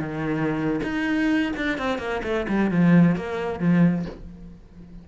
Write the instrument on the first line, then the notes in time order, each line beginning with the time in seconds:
cello
0.00 D#3
0.83 D#4
1.57 D4
1.78 C4
1.99 A#3
2.23 A3
2.49 G3
2.71 F3
3.16 A#3
3.60 F3